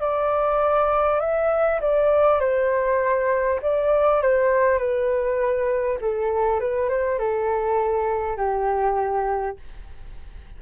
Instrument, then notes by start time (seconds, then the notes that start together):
flute
0.00 D5
1.19 E5
1.81 D5
2.40 C5
3.62 D5
4.22 C5
4.78 B4
6.00 A4
6.60 B4
6.89 C5
7.18 A4
8.37 G4